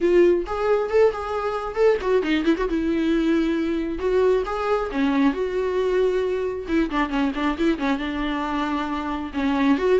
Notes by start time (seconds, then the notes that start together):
0.00 F4
0.46 G#4
0.89 A4
1.12 G#4
1.75 A4
2.01 F#4
2.22 D#4
2.44 E4
2.57 F#4
2.68 E4
3.98 F#4
4.45 G#4
4.91 C#4
5.33 F#4
6.67 E4
6.90 D4
7.09 C#4
7.34 D4
7.57 E4
7.78 C#4
7.98 D4
9.33 C#4
9.78 F#4